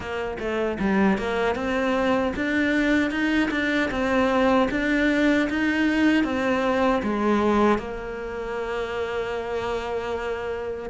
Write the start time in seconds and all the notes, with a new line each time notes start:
0.00 A#3
0.39 A3
0.79 G3
1.18 A#3
1.55 C4
2.36 D4
3.10 D#4
3.51 D4
3.90 C4
4.70 D4
5.49 D#4
6.23 C4
7.02 G#3
7.78 A#3